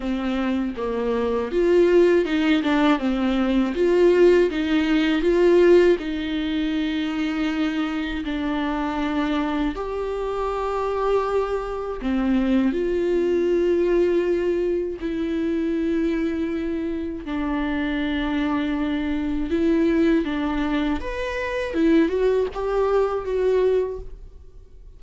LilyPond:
\new Staff \with { instrumentName = "viola" } { \time 4/4 \tempo 4 = 80 c'4 ais4 f'4 dis'8 d'8 | c'4 f'4 dis'4 f'4 | dis'2. d'4~ | d'4 g'2. |
c'4 f'2. | e'2. d'4~ | d'2 e'4 d'4 | b'4 e'8 fis'8 g'4 fis'4 | }